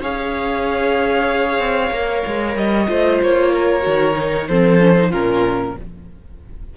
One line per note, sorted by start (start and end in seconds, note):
0.00 1.59 C#4
0.00 1.92 G#4
0.00 2.89 C#5
0.00 2.57 F5
1.59 1.90 C4
1.91 2.23 A#3
1.91 2.86 A#4
2.26 2.56 G#3
2.56 2.87 G3
2.56 3.21 D#5
2.86 3.21 A3
2.86 3.81 F4
2.86 3.52 C5
3.21 3.85 A#3
3.21 4.48 C#5
3.52 4.48 A#4
3.81 4.48 D#3
3.81 4.13 F#4
4.13 4.45 D#4
4.48 5.12 F3
4.48 4.80 C4
4.48 5.10 A4
4.48 5.12 C5
4.80 4.96 C#4
4.97 5.11 D#4
5.10 5.76 A#2
5.10 5.75 C#4
5.10 5.73 F4
5.10 5.76 A#4